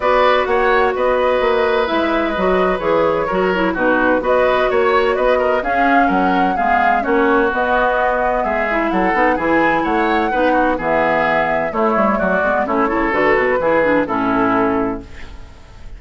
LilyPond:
<<
  \new Staff \with { instrumentName = "flute" } { \time 4/4 \tempo 4 = 128 d''4 fis''4 dis''2 | e''4 dis''4 cis''2 | b'4 dis''4 cis''4 dis''4 | f''4 fis''4 f''4 cis''4 |
dis''2 e''4 fis''4 | gis''4 fis''2 e''4~ | e''4 cis''4 d''4 cis''4 | b'2 a'2 | }
  \new Staff \with { instrumentName = "oboe" } { \time 4/4 b'4 cis''4 b'2~ | b'2. ais'4 | fis'4 b'4 cis''4 b'8 ais'8 | gis'4 ais'4 gis'4 fis'4~ |
fis'2 gis'4 a'4 | gis'4 cis''4 b'8 fis'8 gis'4~ | gis'4 e'4 fis'4 e'8 a'8~ | a'4 gis'4 e'2 | }
  \new Staff \with { instrumentName = "clarinet" } { \time 4/4 fis'1 | e'4 fis'4 gis'4 fis'8 e'8 | dis'4 fis'2. | cis'2 b4 cis'4 |
b2~ b8 e'4 dis'8 | e'2 dis'4 b4~ | b4 a4. b8 cis'8 e'8 | fis'4 e'8 d'8 cis'2 | }
  \new Staff \with { instrumentName = "bassoon" } { \time 4/4 b4 ais4 b4 ais4 | gis4 fis4 e4 fis4 | b,4 b4 ais4 b4 | cis'4 fis4 gis4 ais4 |
b2 gis4 fis8 b8 | e4 a4 b4 e4~ | e4 a8 g8 fis8 gis8 a8 cis8 | d8 b,8 e4 a,2 | }
>>